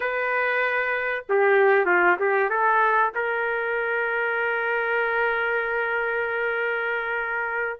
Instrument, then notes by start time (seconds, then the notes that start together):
trumpet
0.00 B4
1.29 G4
1.85 F4
2.19 G4
2.49 A4
3.14 A#4